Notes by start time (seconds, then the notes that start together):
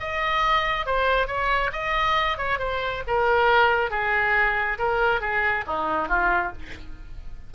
0.00 D#5
0.86 C5
1.27 C#5
1.72 D#5
2.37 C#5
2.59 C5
3.07 A#4
3.90 G#4
4.78 A#4
5.21 G#4
5.67 D#4
6.08 F4